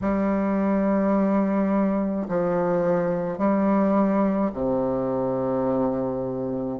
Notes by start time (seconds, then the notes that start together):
0.01 G3
2.28 F3
3.38 G3
4.53 C3